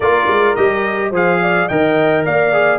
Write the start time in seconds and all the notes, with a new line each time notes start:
0.00 A#3 F4 A#4 D5
0.27 G#3
0.55 G3 G4 D#5
1.10 F3 G#4 C5 F5
1.42 D5
1.68 D#3 A#4 D#5 G5
2.25 A#3 D5 F5
2.52 G#4